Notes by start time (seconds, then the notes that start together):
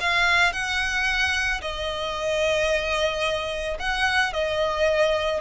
0.00 F5
0.52 F#5
1.61 D#5
3.79 F#5
4.33 D#5